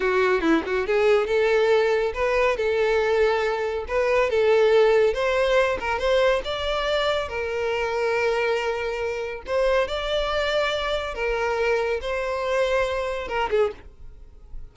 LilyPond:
\new Staff \with { instrumentName = "violin" } { \time 4/4 \tempo 4 = 140 fis'4 e'8 fis'8 gis'4 a'4~ | a'4 b'4 a'2~ | a'4 b'4 a'2 | c''4. ais'8 c''4 d''4~ |
d''4 ais'2.~ | ais'2 c''4 d''4~ | d''2 ais'2 | c''2. ais'8 gis'8 | }